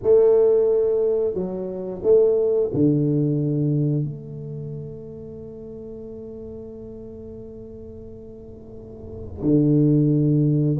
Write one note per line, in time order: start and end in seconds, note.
0.02 1.33 A3
1.33 2.01 F#3
2.02 2.70 A3
2.73 4.04 D3
4.04 9.41 A3
9.41 10.76 D3